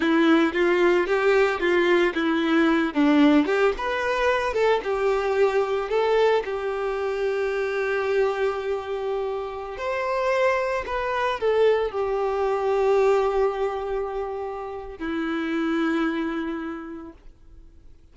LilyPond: \new Staff \with { instrumentName = "violin" } { \time 4/4 \tempo 4 = 112 e'4 f'4 g'4 f'4 | e'4. d'4 g'8 b'4~ | b'8 a'8 g'2 a'4 | g'1~ |
g'2~ g'16 c''4.~ c''16~ | c''16 b'4 a'4 g'4.~ g'16~ | g'1 | e'1 | }